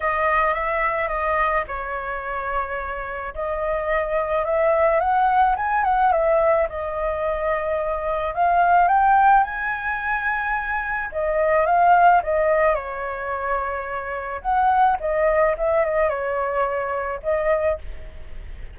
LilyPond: \new Staff \with { instrumentName = "flute" } { \time 4/4 \tempo 4 = 108 dis''4 e''4 dis''4 cis''4~ | cis''2 dis''2 | e''4 fis''4 gis''8 fis''8 e''4 | dis''2. f''4 |
g''4 gis''2. | dis''4 f''4 dis''4 cis''4~ | cis''2 fis''4 dis''4 | e''8 dis''8 cis''2 dis''4 | }